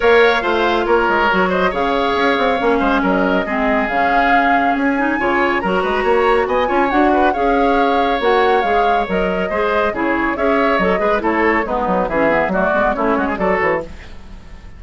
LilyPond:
<<
  \new Staff \with { instrumentName = "flute" } { \time 4/4 \tempo 4 = 139 f''2 cis''4. dis''8 | f''2. dis''4~ | dis''4 f''2 gis''4~ | gis''4 ais''2 gis''4 |
fis''4 f''2 fis''4 | f''4 dis''2 cis''4 | e''4 dis''4 cis''4 b'4 | e''4 d''4 cis''4 d''8 cis''8 | }
  \new Staff \with { instrumentName = "oboe" } { \time 4/4 cis''4 c''4 ais'4. c''8 | cis''2~ cis''8 c''8 ais'4 | gis'1 | cis''4 ais'8 b'8 cis''4 dis''8 cis''8~ |
cis''8 b'8 cis''2.~ | cis''2 c''4 gis'4 | cis''4. b'8 a'4 dis'4 | gis'4 fis'4 e'8 fis'16 gis'16 a'4 | }
  \new Staff \with { instrumentName = "clarinet" } { \time 4/4 ais'4 f'2 fis'4 | gis'2 cis'2 | c'4 cis'2~ cis'8 dis'8 | f'4 fis'2~ fis'8 f'8 |
fis'4 gis'2 fis'4 | gis'4 ais'4 gis'4 e'4 | gis'4 a'8 gis'8 e'4 b4 | cis'8 b8 a8 b8 cis'4 fis'4 | }
  \new Staff \with { instrumentName = "bassoon" } { \time 4/4 ais4 a4 ais8 gis8 fis4 | cis4 cis'8 c'8 ais8 gis8 fis4 | gis4 cis2 cis'4 | cis4 fis8 gis8 ais4 b8 cis'8 |
d'4 cis'2 ais4 | gis4 fis4 gis4 cis4 | cis'4 fis8 gis8 a4 gis8 fis8 | e4 fis8 gis8 a8 gis8 fis8 e8 | }
>>